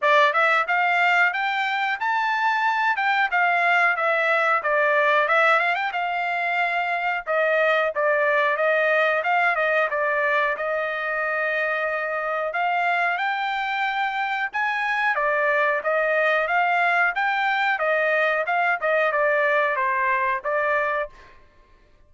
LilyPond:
\new Staff \with { instrumentName = "trumpet" } { \time 4/4 \tempo 4 = 91 d''8 e''8 f''4 g''4 a''4~ | a''8 g''8 f''4 e''4 d''4 | e''8 f''16 g''16 f''2 dis''4 | d''4 dis''4 f''8 dis''8 d''4 |
dis''2. f''4 | g''2 gis''4 d''4 | dis''4 f''4 g''4 dis''4 | f''8 dis''8 d''4 c''4 d''4 | }